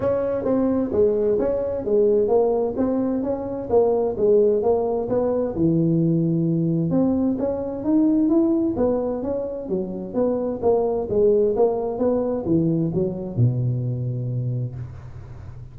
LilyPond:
\new Staff \with { instrumentName = "tuba" } { \time 4/4 \tempo 4 = 130 cis'4 c'4 gis4 cis'4 | gis4 ais4 c'4 cis'4 | ais4 gis4 ais4 b4 | e2. c'4 |
cis'4 dis'4 e'4 b4 | cis'4 fis4 b4 ais4 | gis4 ais4 b4 e4 | fis4 b,2. | }